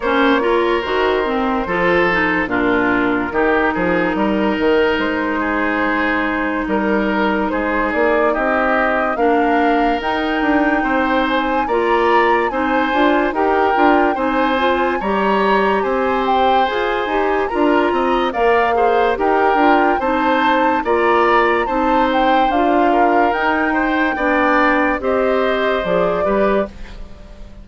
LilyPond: <<
  \new Staff \with { instrumentName = "flute" } { \time 4/4 \tempo 4 = 72 cis''4 c''2 ais'4~ | ais'2 c''2 | ais'4 c''8 d''8 dis''4 f''4 | g''4. gis''8 ais''4 gis''4 |
g''4 gis''4 ais''4 gis''8 g''8 | gis''4 ais''4 f''4 g''4 | a''4 ais''4 a''8 g''8 f''4 | g''2 dis''4 d''4 | }
  \new Staff \with { instrumentName = "oboe" } { \time 4/4 c''8 ais'4. a'4 f'4 | g'8 gis'8 ais'4. gis'4. | ais'4 gis'4 g'4 ais'4~ | ais'4 c''4 d''4 c''4 |
ais'4 c''4 cis''4 c''4~ | c''4 ais'8 dis''8 d''8 c''8 ais'4 | c''4 d''4 c''4. ais'8~ | ais'8 c''8 d''4 c''4. b'8 | }
  \new Staff \with { instrumentName = "clarinet" } { \time 4/4 cis'8 f'8 fis'8 c'8 f'8 dis'8 d'4 | dis'1~ | dis'2. d'4 | dis'2 f'4 dis'8 f'8 |
g'8 f'8 dis'8 f'8 g'2 | gis'8 g'8 f'4 ais'8 gis'8 g'8 f'8 | dis'4 f'4 dis'4 f'4 | dis'4 d'4 g'4 gis'8 g'8 | }
  \new Staff \with { instrumentName = "bassoon" } { \time 4/4 ais4 dis4 f4 ais,4 | dis8 f8 g8 dis8 gis2 | g4 gis8 ais8 c'4 ais4 | dis'8 d'8 c'4 ais4 c'8 d'8 |
dis'8 d'8 c'4 g4 c'4 | f'8 dis'8 d'8 c'8 ais4 dis'8 d'8 | c'4 ais4 c'4 d'4 | dis'4 b4 c'4 f8 g8 | }
>>